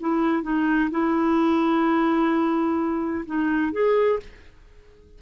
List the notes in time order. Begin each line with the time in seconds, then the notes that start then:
0.00 E4
0.43 D#4
0.91 E4
3.26 D#4
3.72 G#4